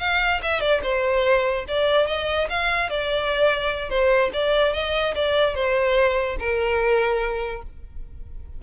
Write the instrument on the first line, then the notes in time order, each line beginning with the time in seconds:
violin
0.00 F5
0.43 E5
0.61 D5
0.83 C5
1.68 D5
2.07 D#5
2.50 F5
2.90 D5
3.90 C5
4.34 D5
4.74 D#5
5.15 D5
5.55 C5
6.40 A#4